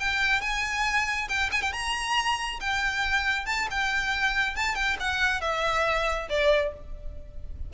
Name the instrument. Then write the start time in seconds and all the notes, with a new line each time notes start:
violin
0.00 G5
0.41 G#5
1.28 G5
1.52 G#5
1.62 G5
1.73 A#5
2.60 G5
3.46 A5
3.71 G5
4.56 A5
4.75 G5
5.00 F#5
5.41 E5
6.29 D5